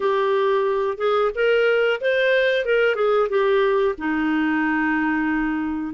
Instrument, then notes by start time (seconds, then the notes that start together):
clarinet
0.00 G4
0.97 G#4
1.34 A#4
2.00 C5
2.65 A#4
2.95 G#4
3.29 G4
3.97 D#4